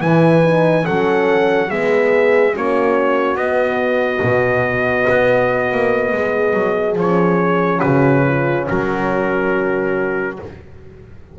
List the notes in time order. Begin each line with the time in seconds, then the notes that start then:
0.00 E3 E4 B4 G#5
0.44 D#4
0.84 F#3 C#4 A4 F#5
1.69 G#3 B3 G#4 E5
2.54 A#3 C#4 F#4 C#5
3.36 B3 D#5
4.23 B2
5.10 B3
5.72 A#3
6.13 G#3 G#4
6.54 F#3
6.96 F3 C#4 C#5
7.80 C#3 F#4 B4
8.28 F4
8.67 F#3 F#4 A#4